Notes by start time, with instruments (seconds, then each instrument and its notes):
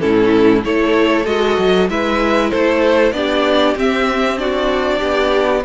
0.00 cello A2, viola C#4, violin E4 A4
0.63 cello A3, viola E4, violin A4 C#5
1.25 cello G#3, viola F#4, violin D#5
1.58 cello F#3
1.90 cello G#3, viola E4, violin B4 E5
2.50 cello A3, violin A4 C5
3.12 cello B3, viola D4, violin G4 D5
3.76 cello C4, viola C4, violin E5
4.37 viola D4, violin F#4 D5
4.99 cello B3, violin G4